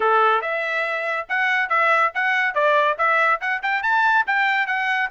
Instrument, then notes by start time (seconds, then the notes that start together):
trumpet
0.00 A4
0.41 E5
1.29 F#5
1.69 E5
2.14 F#5
2.54 D5
2.97 E5
3.40 F#5
3.62 G5
3.82 A5
4.26 G5
4.66 F#5